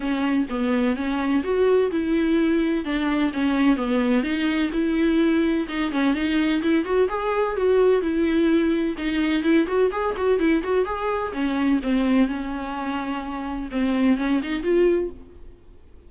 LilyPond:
\new Staff \with { instrumentName = "viola" } { \time 4/4 \tempo 4 = 127 cis'4 b4 cis'4 fis'4 | e'2 d'4 cis'4 | b4 dis'4 e'2 | dis'8 cis'8 dis'4 e'8 fis'8 gis'4 |
fis'4 e'2 dis'4 | e'8 fis'8 gis'8 fis'8 e'8 fis'8 gis'4 | cis'4 c'4 cis'2~ | cis'4 c'4 cis'8 dis'8 f'4 | }